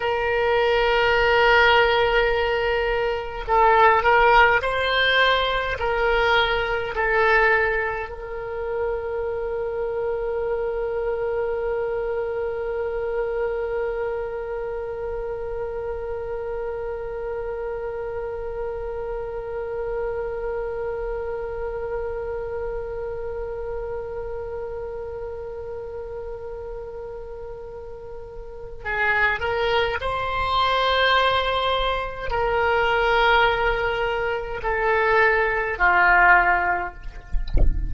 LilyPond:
\new Staff \with { instrumentName = "oboe" } { \time 4/4 \tempo 4 = 52 ais'2. a'8 ais'8 | c''4 ais'4 a'4 ais'4~ | ais'1~ | ais'1~ |
ais'1~ | ais'1~ | ais'4 gis'8 ais'8 c''2 | ais'2 a'4 f'4 | }